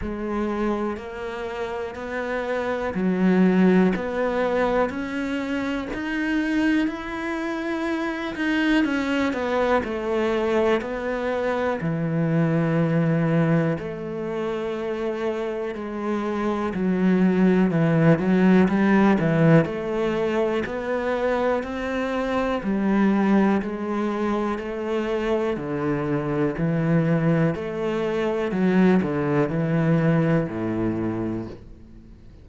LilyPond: \new Staff \with { instrumentName = "cello" } { \time 4/4 \tempo 4 = 61 gis4 ais4 b4 fis4 | b4 cis'4 dis'4 e'4~ | e'8 dis'8 cis'8 b8 a4 b4 | e2 a2 |
gis4 fis4 e8 fis8 g8 e8 | a4 b4 c'4 g4 | gis4 a4 d4 e4 | a4 fis8 d8 e4 a,4 | }